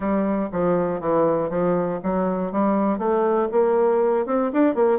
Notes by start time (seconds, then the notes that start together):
0.00 G3
0.51 F3
1.00 E3
1.49 F3
2.02 F#3
2.51 G3
2.98 A3
3.51 A#3
4.26 C4
4.52 D4
4.74 A#3